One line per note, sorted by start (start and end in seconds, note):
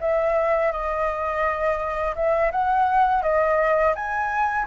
0.00 0.71 E5
0.72 2.15 D#5
2.15 2.51 E5
2.51 3.22 F#5
3.22 3.94 D#5
3.95 4.66 G#5